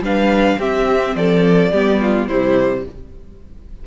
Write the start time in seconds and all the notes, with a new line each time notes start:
0.00 G3 D4 B4 F5
0.59 C4 G4 E5
1.16 F3 A4 D5
1.72 G3 B3 G4
2.01 F4
2.28 C3 G3 E4 C5